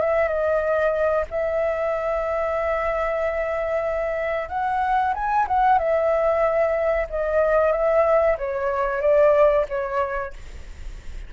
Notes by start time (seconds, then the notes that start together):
0.00 E5
0.28 D#5
1.30 E5
4.48 F#5
5.14 G#5
5.47 F#5
5.78 E5
7.09 D#5
7.72 E5
8.38 C#5
9.01 D5
9.68 C#5